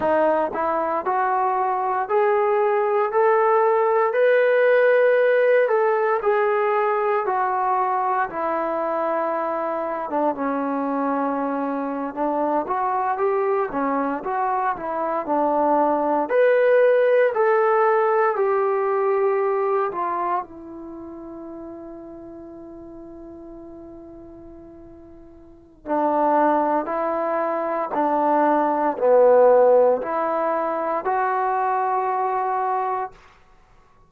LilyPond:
\new Staff \with { instrumentName = "trombone" } { \time 4/4 \tempo 4 = 58 dis'8 e'8 fis'4 gis'4 a'4 | b'4. a'8 gis'4 fis'4 | e'4.~ e'16 d'16 cis'4.~ cis'16 d'16~ | d'16 fis'8 g'8 cis'8 fis'8 e'8 d'4 b'16~ |
b'8. a'4 g'4. f'8 e'16~ | e'1~ | e'4 d'4 e'4 d'4 | b4 e'4 fis'2 | }